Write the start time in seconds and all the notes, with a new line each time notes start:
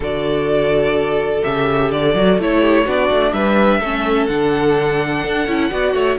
0.00 D3 F#4 A4 D5
1.43 C#3 G4 E5
1.91 D3 D5
2.14 F#3 F#4
2.38 A3 E4 C#5
2.60 G4
2.84 B3 D4 F#4 D5
3.10 A3
3.32 G3 B4 E5
3.80 A3 C#4 A4
4.26 D3 D4 F#5
5.24 D4
5.47 C#4 E4
5.70 B3 F#4 D5
5.94 A3 C#5